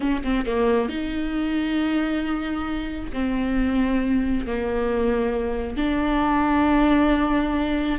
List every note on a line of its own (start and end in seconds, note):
0.00 0.22 C#4
0.23 0.45 C4
0.45 0.88 A#3
0.88 3.11 D#4
3.13 4.46 C4
4.46 5.76 A#3
5.76 7.98 D4